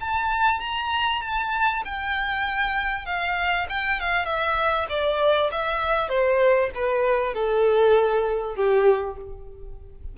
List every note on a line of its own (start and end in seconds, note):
0.00 0.60 A5
0.60 1.21 A#5
1.21 1.82 A5
1.85 3.05 G5
3.05 3.66 F5
3.69 4.00 G5
4.00 4.25 F5
4.25 4.86 E5
4.89 5.50 D5
5.51 6.09 E5
6.09 6.70 C5
6.74 7.34 B4
7.34 8.55 A4
8.55 9.16 G4